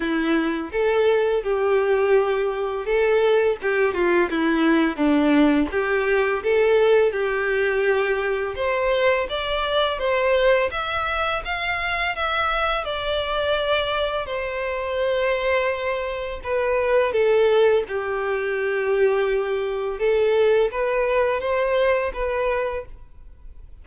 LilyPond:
\new Staff \with { instrumentName = "violin" } { \time 4/4 \tempo 4 = 84 e'4 a'4 g'2 | a'4 g'8 f'8 e'4 d'4 | g'4 a'4 g'2 | c''4 d''4 c''4 e''4 |
f''4 e''4 d''2 | c''2. b'4 | a'4 g'2. | a'4 b'4 c''4 b'4 | }